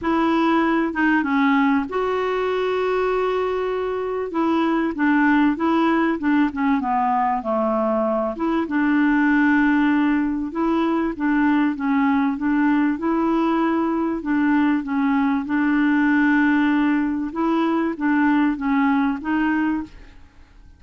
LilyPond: \new Staff \with { instrumentName = "clarinet" } { \time 4/4 \tempo 4 = 97 e'4. dis'8 cis'4 fis'4~ | fis'2. e'4 | d'4 e'4 d'8 cis'8 b4 | a4. e'8 d'2~ |
d'4 e'4 d'4 cis'4 | d'4 e'2 d'4 | cis'4 d'2. | e'4 d'4 cis'4 dis'4 | }